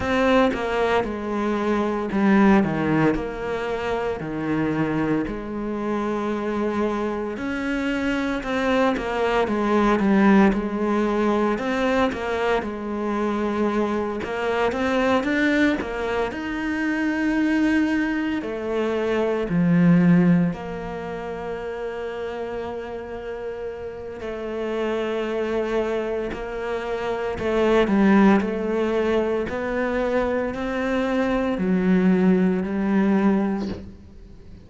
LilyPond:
\new Staff \with { instrumentName = "cello" } { \time 4/4 \tempo 4 = 57 c'8 ais8 gis4 g8 dis8 ais4 | dis4 gis2 cis'4 | c'8 ais8 gis8 g8 gis4 c'8 ais8 | gis4. ais8 c'8 d'8 ais8 dis'8~ |
dis'4. a4 f4 ais8~ | ais2. a4~ | a4 ais4 a8 g8 a4 | b4 c'4 fis4 g4 | }